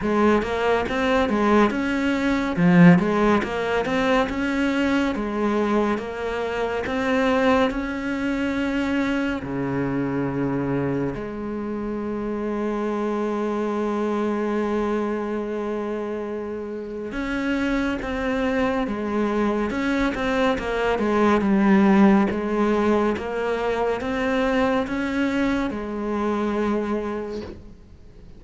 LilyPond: \new Staff \with { instrumentName = "cello" } { \time 4/4 \tempo 4 = 70 gis8 ais8 c'8 gis8 cis'4 f8 gis8 | ais8 c'8 cis'4 gis4 ais4 | c'4 cis'2 cis4~ | cis4 gis2.~ |
gis1 | cis'4 c'4 gis4 cis'8 c'8 | ais8 gis8 g4 gis4 ais4 | c'4 cis'4 gis2 | }